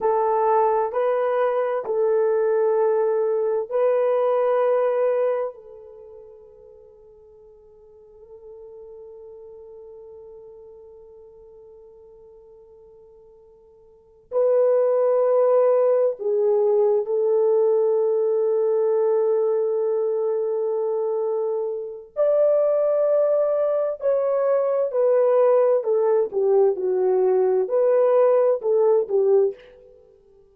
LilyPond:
\new Staff \with { instrumentName = "horn" } { \time 4/4 \tempo 4 = 65 a'4 b'4 a'2 | b'2 a'2~ | a'1~ | a'2.~ a'8 b'8~ |
b'4. gis'4 a'4.~ | a'1 | d''2 cis''4 b'4 | a'8 g'8 fis'4 b'4 a'8 g'8 | }